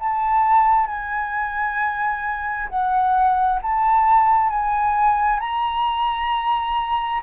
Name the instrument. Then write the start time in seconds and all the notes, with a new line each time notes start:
flute
0.00 A5
0.87 G#5
2.69 F#5
3.62 A5
4.50 G#5
5.40 A#5